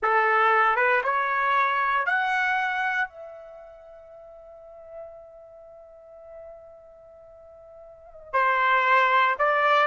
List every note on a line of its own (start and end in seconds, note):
0.02 0.76 A4
0.76 1.01 B4
1.03 2.06 C#5
2.06 3.08 F#5
3.08 8.32 E5
8.32 9.35 C5
9.38 9.87 D5